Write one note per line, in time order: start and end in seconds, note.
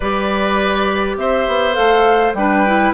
0.00 1.17 G3
0.00 1.73 G4
0.00 1.16 B4
0.00 1.17 D5
1.17 1.46 C4
1.17 2.37 C5
1.17 1.74 E5
1.47 1.77 B3
1.73 2.33 A3
1.73 2.32 A4
1.73 2.33 F5
2.33 2.92 G3
2.33 2.66 D4
2.33 2.94 B4
2.33 2.93 G5
2.66 2.94 E4